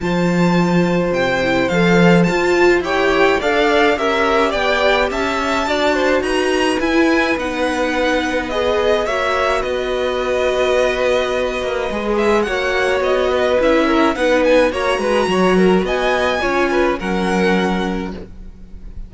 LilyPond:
<<
  \new Staff \with { instrumentName = "violin" } { \time 4/4 \tempo 4 = 106 a''2 g''4 f''4 | a''4 g''4 f''4 e''4 | g''4 a''2 ais''4 | gis''4 fis''2 dis''4 |
e''4 dis''2.~ | dis''4. e''8 fis''4 dis''4 | e''4 fis''8 gis''8 ais''2 | gis''2 fis''2 | }
  \new Staff \with { instrumentName = "violin" } { \time 4/4 c''1~ | c''4 cis''4 d''4 ais'4 | d''4 e''4 d''8 c''8 b'4~ | b'1 |
cis''4 b'2.~ | b'2 cis''4. b'8~ | b'8 ais'8 b'4 cis''8 b'8 cis''8 ais'8 | dis''4 cis''8 b'8 ais'2 | }
  \new Staff \with { instrumentName = "viola" } { \time 4/4 f'2~ f'8 e'8 a'4 | f'4 g'4 a'4 g'4~ | g'2 fis'2 | e'4 dis'2 gis'4 |
fis'1~ | fis'4 gis'4 fis'2 | e'4 dis'4 fis'2~ | fis'4 f'4 cis'2 | }
  \new Staff \with { instrumentName = "cello" } { \time 4/4 f2 c4 f4 | f'4 e'4 d'4 cis'4 | b4 cis'4 d'4 dis'4 | e'4 b2. |
ais4 b2.~ | b8 ais8 gis4 ais4 b4 | cis'4 b4 ais8 gis8 fis4 | b4 cis'4 fis2 | }
>>